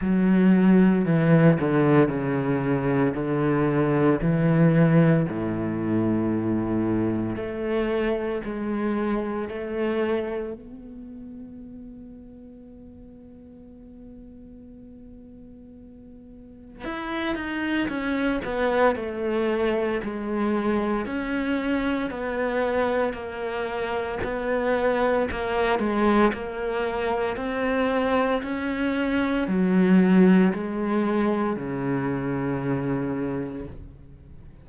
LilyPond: \new Staff \with { instrumentName = "cello" } { \time 4/4 \tempo 4 = 57 fis4 e8 d8 cis4 d4 | e4 a,2 a4 | gis4 a4 b2~ | b1 |
e'8 dis'8 cis'8 b8 a4 gis4 | cis'4 b4 ais4 b4 | ais8 gis8 ais4 c'4 cis'4 | fis4 gis4 cis2 | }